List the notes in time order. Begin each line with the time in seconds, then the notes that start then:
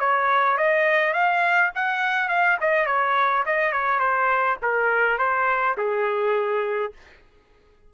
0.00 C#5
0.58 D#5
1.14 F5
1.75 F#5
2.29 F5
2.61 D#5
2.87 C#5
3.46 D#5
3.73 C#5
4.00 C5
4.63 A#4
5.19 C5
5.78 G#4